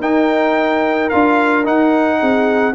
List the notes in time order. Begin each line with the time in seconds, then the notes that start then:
0.00 D#4 A#4 G5
1.10 D4 F4 F5
1.64 D#4 F#5
2.20 C4 G#4